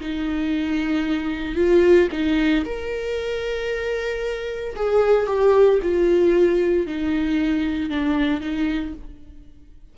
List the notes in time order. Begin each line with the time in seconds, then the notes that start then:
0.00 D#4
1.56 F4
2.12 D#4
2.65 A#4
4.76 G#4
5.27 G4
5.82 F4
6.86 D#4
7.90 D4
8.41 D#4